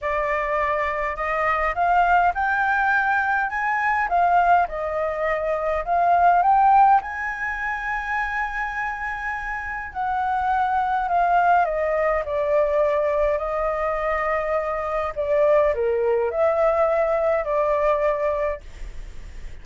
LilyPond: \new Staff \with { instrumentName = "flute" } { \time 4/4 \tempo 4 = 103 d''2 dis''4 f''4 | g''2 gis''4 f''4 | dis''2 f''4 g''4 | gis''1~ |
gis''4 fis''2 f''4 | dis''4 d''2 dis''4~ | dis''2 d''4 ais'4 | e''2 d''2 | }